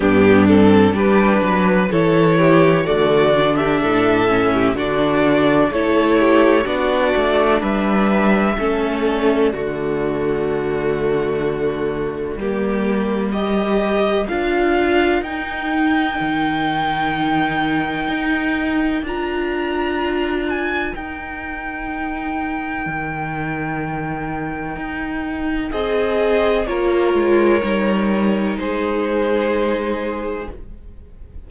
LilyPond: <<
  \new Staff \with { instrumentName = "violin" } { \time 4/4 \tempo 4 = 63 g'8 a'8 b'4 cis''4 d''8. e''16~ | e''4 d''4 cis''4 d''4 | e''4. d''2~ d''8~ | d''2 dis''4 f''4 |
g''1 | ais''4. gis''8 g''2~ | g''2. dis''4 | cis''2 c''2 | }
  \new Staff \with { instrumentName = "violin" } { \time 4/4 d'4 g'8 b'8 a'8 g'8 fis'8. g'16 | a'8. g'16 fis'4 a'8 g'8 fis'4 | b'4 a'4 fis'2~ | fis'4 g'4 ais'2~ |
ais'1~ | ais'1~ | ais'2. gis'4 | ais'2 gis'2 | }
  \new Staff \with { instrumentName = "viola" } { \time 4/4 b8 c'8 d'4 e'4 a8 d'8~ | d'8 cis'8 d'4 e'4 d'4~ | d'4 cis'4 a2~ | a4 ais4 g'4 f'4 |
dis'1 | f'2 dis'2~ | dis'1 | f'4 dis'2. | }
  \new Staff \with { instrumentName = "cello" } { \time 4/4 g,4 g8 fis8 e4 d4 | a,4 d4 a4 b8 a8 | g4 a4 d2~ | d4 g2 d'4 |
dis'4 dis2 dis'4 | d'2 dis'2 | dis2 dis'4 c'4 | ais8 gis8 g4 gis2 | }
>>